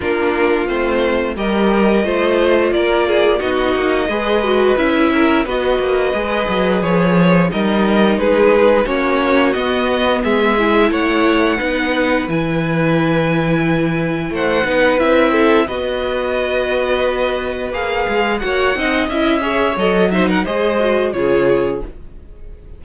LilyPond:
<<
  \new Staff \with { instrumentName = "violin" } { \time 4/4 \tempo 4 = 88 ais'4 c''4 dis''2 | d''4 dis''2 e''4 | dis''2 cis''4 dis''4 | b'4 cis''4 dis''4 e''4 |
fis''2 gis''2~ | gis''4 fis''4 e''4 dis''4~ | dis''2 f''4 fis''4 | e''4 dis''8 e''16 fis''16 dis''4 cis''4 | }
  \new Staff \with { instrumentName = "violin" } { \time 4/4 f'2 ais'4 c''4 | ais'8 gis'8 fis'4 b'4. ais'8 | b'2. ais'4 | gis'4 fis'2 gis'4 |
cis''4 b'2.~ | b'4 c''8 b'4 a'8 b'4~ | b'2. cis''8 dis''8~ | dis''8 cis''4 c''16 ais'16 c''4 gis'4 | }
  \new Staff \with { instrumentName = "viola" } { \time 4/4 d'4 c'4 g'4 f'4~ | f'4 dis'4 gis'8 fis'8 e'4 | fis'4 gis'2 dis'4~ | dis'4 cis'4 b4. e'8~ |
e'4 dis'4 e'2~ | e'4. dis'8 e'4 fis'4~ | fis'2 gis'4 fis'8 dis'8 | e'8 gis'8 a'8 dis'8 gis'8 fis'8 f'4 | }
  \new Staff \with { instrumentName = "cello" } { \time 4/4 ais4 a4 g4 a4 | ais4 b8 ais8 gis4 cis'4 | b8 ais8 gis8 fis8 f4 g4 | gis4 ais4 b4 gis4 |
a4 b4 e2~ | e4 a8 b8 c'4 b4~ | b2 ais8 gis8 ais8 c'8 | cis'4 fis4 gis4 cis4 | }
>>